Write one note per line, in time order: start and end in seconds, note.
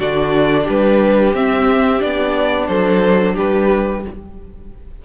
0.00 0.68 D3
0.00 1.35 D4
0.00 0.64 F#4
0.00 0.68 D5
0.64 1.35 G3
0.64 2.67 G4
0.64 1.36 B4
1.35 2.02 C4
1.35 2.00 C4
1.35 2.02 E5
2.00 2.69 B3
2.00 4.02 D4
2.00 2.68 D5
2.68 3.36 F#3
2.68 3.35 A4
2.68 3.36 C5
3.35 4.06 G3
3.35 4.03 G4
3.35 4.06 B4